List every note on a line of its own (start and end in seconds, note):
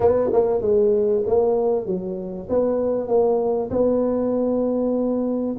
0.00 0.30 B3
0.32 0.61 A#3
0.61 1.23 G#3
1.26 1.86 A#3
1.86 2.47 F#3
2.49 3.08 B3
3.08 3.70 A#3
3.70 5.55 B3